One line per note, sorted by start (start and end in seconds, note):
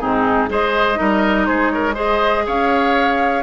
0.00 0.50 G#2
0.00 0.49 C4
0.00 0.50 D#4
0.00 0.49 G#4
0.49 0.99 G#3
0.49 0.95 G#4
0.49 0.99 C5
0.49 1.46 D#5
0.95 1.49 G3
0.95 1.93 D#4
0.95 1.48 A#4
1.46 2.47 G#3
1.46 1.72 G#4
1.46 1.70 C5
1.70 1.95 A#4
1.70 1.95 C#5
1.95 3.42 G#4
1.95 2.44 C5
1.95 2.46 D#5
2.46 3.43 C#4
2.46 3.43 C#5
2.46 3.43 F5